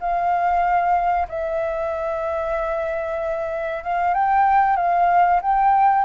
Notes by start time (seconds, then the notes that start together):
0.00 F5
1.29 E5
3.84 F5
4.14 G5
4.77 F5
5.41 G5